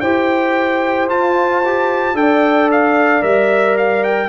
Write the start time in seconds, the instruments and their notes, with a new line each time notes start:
0.00 tuba E4, trombone G4, horn C5, trumpet G5
1.08 tuba F4, trombone F4, trumpet A5
1.65 trombone G4
2.14 tuba D4, trombone A4, horn D5, trumpet G5
2.71 trumpet F5
3.21 tuba G3, trombone A#4, trumpet E5
3.77 trumpet F5
4.04 trumpet G5